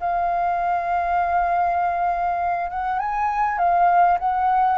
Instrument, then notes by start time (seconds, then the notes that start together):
flute
0.00 F5
2.70 F#5
2.99 G#5
3.58 F5
4.19 F#5